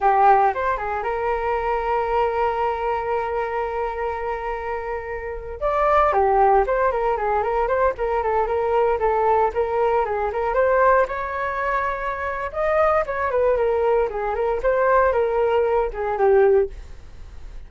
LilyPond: \new Staff \with { instrumentName = "flute" } { \time 4/4 \tempo 4 = 115 g'4 c''8 gis'8 ais'2~ | ais'1~ | ais'2~ ais'8. d''4 g'16~ | g'8. c''8 ais'8 gis'8 ais'8 c''8 ais'8 a'16~ |
a'16 ais'4 a'4 ais'4 gis'8 ais'16~ | ais'16 c''4 cis''2~ cis''8. | dis''4 cis''8 b'8 ais'4 gis'8 ais'8 | c''4 ais'4. gis'8 g'4 | }